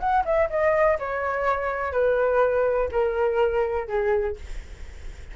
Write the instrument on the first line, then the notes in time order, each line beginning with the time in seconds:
flute
0.00 F#5
0.25 E5
0.50 D#5
0.99 C#5
1.93 B4
2.92 A#4
3.88 G#4